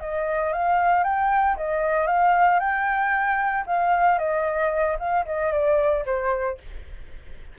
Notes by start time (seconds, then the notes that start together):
0.00 D#5
0.53 F5
1.04 G5
1.56 D#5
2.07 F5
2.60 G5
3.66 F5
4.18 D#5
4.99 F5
5.26 D#5
5.52 D5
6.05 C5